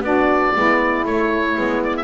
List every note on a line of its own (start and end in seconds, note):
0.00 0.51 B3
0.00 0.54 D4
0.00 0.55 F#4
0.00 1.06 D5
0.54 1.05 G#3
0.54 1.05 B3
0.54 2.04 E4
1.05 1.56 A3
1.05 1.54 A3
1.05 1.83 C#5
1.54 2.04 G#3
1.54 2.04 B3
1.83 1.96 D5
1.96 2.04 E5